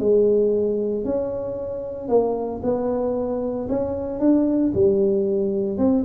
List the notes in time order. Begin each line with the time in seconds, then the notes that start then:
0.00 G#3
1.05 C#4
2.09 A#3
2.63 B3
3.69 C#4
4.20 D4
4.75 G3
5.78 C4